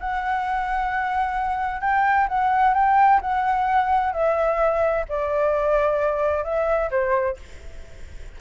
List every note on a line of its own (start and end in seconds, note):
0.00 1.81 F#5
1.81 2.27 G5
2.29 2.74 F#5
2.74 3.20 G5
3.21 4.13 F#5
4.13 5.05 E5
5.09 6.44 D5
6.44 6.90 E5
6.91 7.37 C5